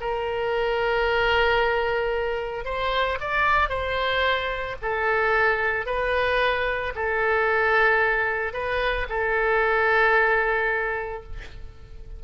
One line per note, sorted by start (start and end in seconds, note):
0.00 2.64 A#4
2.64 3.18 C5
3.20 3.69 D5
3.69 4.76 C5
4.82 5.86 A4
5.86 6.93 B4
6.95 8.53 A4
8.53 9.07 B4
9.09 11.23 A4